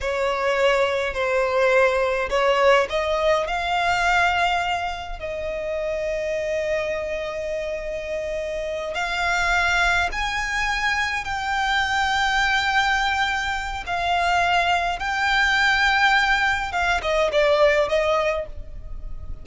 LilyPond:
\new Staff \with { instrumentName = "violin" } { \time 4/4 \tempo 4 = 104 cis''2 c''2 | cis''4 dis''4 f''2~ | f''4 dis''2.~ | dis''2.~ dis''8 f''8~ |
f''4. gis''2 g''8~ | g''1 | f''2 g''2~ | g''4 f''8 dis''8 d''4 dis''4 | }